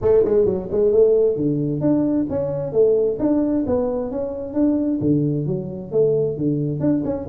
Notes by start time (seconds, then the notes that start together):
0.01 A3
0.25 G#3
0.45 F#3
0.71 G#3
0.92 A3
1.36 D3
1.81 D4
2.29 C#4
2.72 A3
3.19 D4
3.66 B3
4.11 C#4
4.53 D4
5.01 D3
5.46 F#3
5.91 A3
6.37 D3
6.80 D4
7.04 C#4